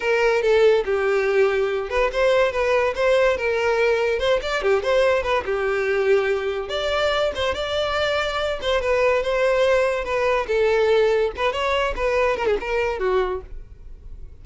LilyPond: \new Staff \with { instrumentName = "violin" } { \time 4/4 \tempo 4 = 143 ais'4 a'4 g'2~ | g'8 b'8 c''4 b'4 c''4 | ais'2 c''8 d''8 g'8 c''8~ | c''8 b'8 g'2. |
d''4. c''8 d''2~ | d''8 c''8 b'4 c''2 | b'4 a'2 b'8 cis''8~ | cis''8 b'4 ais'16 gis'16 ais'4 fis'4 | }